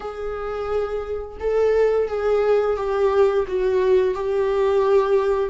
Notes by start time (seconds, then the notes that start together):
0.00 G#4
1.39 A4
2.08 G#4
2.76 G4
3.47 F#4
4.14 G4